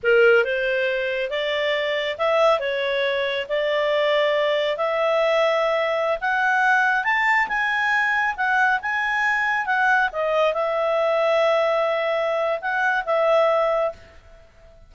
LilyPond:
\new Staff \with { instrumentName = "clarinet" } { \time 4/4 \tempo 4 = 138 ais'4 c''2 d''4~ | d''4 e''4 cis''2 | d''2. e''4~ | e''2~ e''16 fis''4.~ fis''16~ |
fis''16 a''4 gis''2 fis''8.~ | fis''16 gis''2 fis''4 dis''8.~ | dis''16 e''2.~ e''8.~ | e''4 fis''4 e''2 | }